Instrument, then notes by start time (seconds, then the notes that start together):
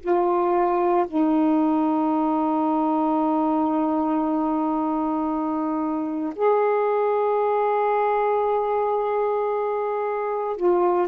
saxophone
0.00 F4
1.07 D#4
6.35 G#4
10.56 F4